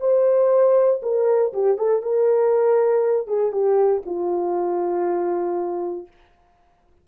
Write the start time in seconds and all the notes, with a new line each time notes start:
0.00 C5
1.02 A#4
1.53 G4
1.77 A4
2.02 A#4
3.27 G#4
3.52 G4
4.05 F4